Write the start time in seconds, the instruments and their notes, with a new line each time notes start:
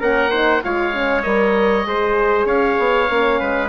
0.00 bassoon A#3, horn C#4, trumpet A#4, oboe F#5
0.31 horn D#4, trumpet C5
0.64 bassoon G#3, horn F4, trumpet C#5, oboe F5
0.94 horn C#4
1.23 bassoon G3, horn A#4, oboe D#5
1.85 bassoon G#3, horn G#4, trumpet C5
2.46 bassoon C#4, trumpet C#5, oboe F5
2.79 bassoon B3
3.10 bassoon A#3, horn C#4
3.40 bassoon G#3, trumpet B4